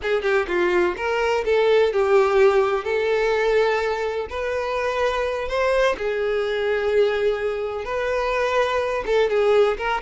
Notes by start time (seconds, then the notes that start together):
0.02 G#4
0.22 G4
0.47 F4
0.96 A#4
1.45 A4
1.92 G4
2.84 A4
4.29 B4
5.48 C5
5.97 G#4
7.84 B4
9.06 A4
9.29 G#4
9.77 A#4